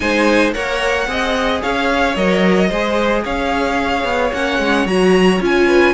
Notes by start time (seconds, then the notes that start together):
0.00 G#3 D#4 C5 G#5
0.53 A#3 A#4 C#5 F#5
1.07 C4 G#4 D#5
1.62 C#4 C#5 F5
2.16 F#3 A#4 D#5
2.69 G#3 G#4 C5
3.23 C#4 C#5 F5
4.04 B3
4.33 A#3 C#4 F#5
4.58 G#3
4.85 F#3 F#4 A#5
5.40 C#4 F4 G#5
5.66 B4